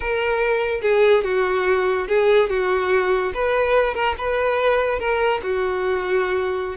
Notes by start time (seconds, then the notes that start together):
0.00 A#4
0.82 G#4
1.24 F#4
2.07 G#4
2.49 F#4
3.34 B4
3.94 A#4
4.18 B4
4.99 A#4
5.43 F#4